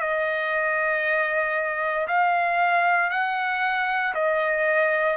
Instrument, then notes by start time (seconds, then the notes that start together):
trumpet
0.00 D#5
2.07 F5
3.10 F#5
4.14 D#5